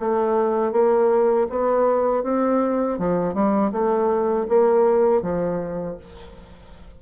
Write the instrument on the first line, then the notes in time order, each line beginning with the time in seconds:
bassoon
0.00 A3
0.72 A#3
1.50 B3
2.24 C4
2.99 F3
3.34 G3
3.72 A3
4.49 A#3
5.22 F3